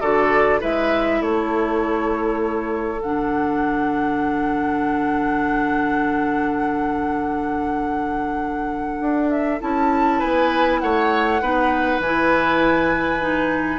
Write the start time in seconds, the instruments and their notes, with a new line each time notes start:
0.00 bassoon D3, clarinet F#4, oboe A4, flute D5
0.60 bassoon G#3, clarinet E4, oboe B4, flute E5
1.21 bassoon A3, oboe A4, flute C#5
3.01 bassoon D3, clarinet D4, flute F#5
9.00 bassoon D4
9.30 flute E5
9.60 bassoon C#4, clarinet E4, flute A5
10.19 bassoon B3, oboe B4, flute G#5
10.79 bassoon A3, oboe C#5, flute F#5
11.41 bassoon B3, clarinet D#4, oboe B4
11.99 bassoon E3, clarinet E4, flute G#5
13.20 clarinet D#4